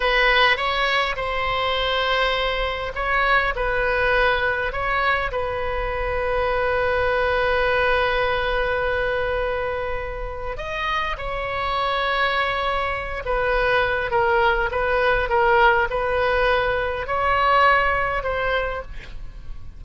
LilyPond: \new Staff \with { instrumentName = "oboe" } { \time 4/4 \tempo 4 = 102 b'4 cis''4 c''2~ | c''4 cis''4 b'2 | cis''4 b'2.~ | b'1~ |
b'2 dis''4 cis''4~ | cis''2~ cis''8 b'4. | ais'4 b'4 ais'4 b'4~ | b'4 cis''2 c''4 | }